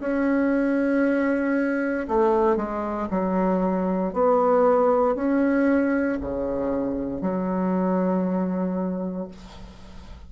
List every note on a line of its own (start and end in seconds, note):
0.00 2.07 C#4
2.08 2.57 A3
2.57 3.08 G#3
3.11 4.14 F#3
4.14 5.15 B3
5.15 6.19 C#4
6.21 7.21 C#3
7.21 9.28 F#3